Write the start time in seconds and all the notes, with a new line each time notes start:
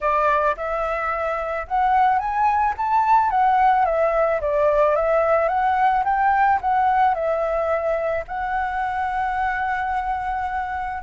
0.00 D5
0.57 E5
1.67 F#5
2.18 G#5
2.77 A5
3.30 F#5
3.85 E5
4.40 D5
4.95 E5
5.48 F#5
6.04 G5
6.61 F#5
7.14 E5
8.27 F#5